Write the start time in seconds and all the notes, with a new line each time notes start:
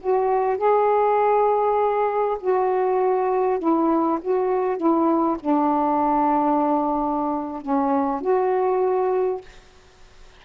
0.00 F#4
0.57 G#4
2.40 F#4
3.59 E4
4.21 F#4
4.77 E4
5.39 D4
7.61 C#4
8.21 F#4